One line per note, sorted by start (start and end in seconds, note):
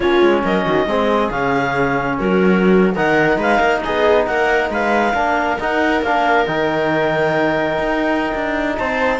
0.00 0.21 A#3
0.00 0.88 C#4
0.00 0.42 F4
0.00 0.43 C#5
0.21 0.43 G#3
0.44 0.66 F#3
0.44 0.64 A#4
0.44 1.30 D#5
0.64 0.85 D#3
0.64 0.86 F#4
0.85 1.29 G#3
0.85 1.31 C4
0.85 2.19 G#4
1.30 2.18 C#3
1.30 2.95 C#4
1.30 2.18 F5
2.18 2.96 F#3
2.18 2.95 F#4
2.18 2.95 A#4
2.95 3.37 D#3
2.95 5.14 D#4
2.95 3.38 A#4
2.95 3.39 F#5
3.37 3.59 G#3
3.37 3.59 B4
3.37 3.80 F5
3.59 3.82 A#3
3.59 3.81 A#4
3.80 4.28 G#4
3.80 4.24 D#5
3.86 4.26 B3
4.26 4.69 A#3
4.26 4.72 A#4
4.26 4.70 F#5
4.69 5.13 G#3
4.69 5.13 B4
4.69 5.60 F5
5.13 5.57 A#3
5.13 5.58 D4
5.13 8.74 A#4
5.59 6.01 D#4
5.59 6.03 D#4
5.59 6.03 F#5
6.01 6.45 A#3
6.01 6.47 D4
6.01 6.45 F5
6.45 7.78 D#3
6.45 9.19 D#4
6.45 8.75 G5
7.78 8.33 D#4
8.34 8.78 D4
8.76 9.19 C4
8.76 9.19 C5
8.76 9.19 A5